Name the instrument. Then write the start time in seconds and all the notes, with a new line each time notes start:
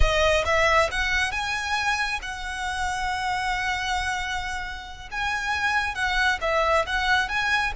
violin
0.00 D#5
0.45 E5
0.91 F#5
1.31 G#5
2.22 F#5
5.11 G#5
5.94 F#5
6.41 E5
6.86 F#5
7.28 G#5